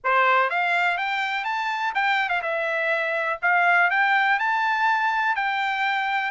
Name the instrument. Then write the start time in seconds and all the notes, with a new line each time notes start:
trumpet
0.04 C5
0.49 F5
0.97 G5
1.44 A5
1.94 G5
2.29 F5
2.42 E5
3.42 F5
3.90 G5
4.39 A5
5.35 G5